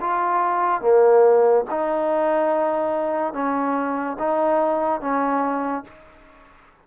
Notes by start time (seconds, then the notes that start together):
0.00 F4
0.81 A#3
1.70 D#4
3.33 C#4
4.19 D#4
5.01 C#4